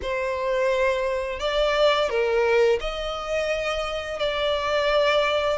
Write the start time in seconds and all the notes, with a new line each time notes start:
0.02 C5
1.39 D5
2.09 A#4
2.80 D#5
4.19 D5